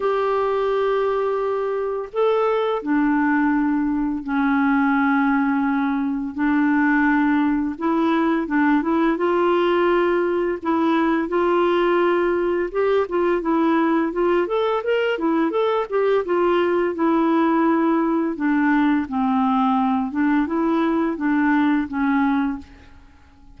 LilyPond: \new Staff \with { instrumentName = "clarinet" } { \time 4/4 \tempo 4 = 85 g'2. a'4 | d'2 cis'2~ | cis'4 d'2 e'4 | d'8 e'8 f'2 e'4 |
f'2 g'8 f'8 e'4 | f'8 a'8 ais'8 e'8 a'8 g'8 f'4 | e'2 d'4 c'4~ | c'8 d'8 e'4 d'4 cis'4 | }